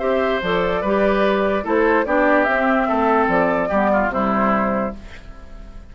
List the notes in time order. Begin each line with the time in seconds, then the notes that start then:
0.00 C4 G4 C5 E5
0.42 F3 A4 D5
0.82 G3 G4 B4
1.64 A3 E4 A4 C5
2.06 B3 D4 G4 D5
2.44 C4 E5
2.89 A3 A4
3.28 F3 D5
3.70 G3 B3 G4
3.93 F4
4.08 C3 G3 E4 C5